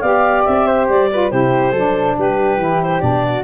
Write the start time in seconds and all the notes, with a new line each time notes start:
0.00 B3 G4 D5 F5
0.44 C4 E5
0.67 C5
0.89 G3 D5
1.12 F4 B4
1.30 C3 E4 G4 C5
1.71 F#3 D4 A4
2.18 G3 G4 B4
2.57 E3 E4
2.83 C5
3.00 B2 D4 D5
3.25 F#4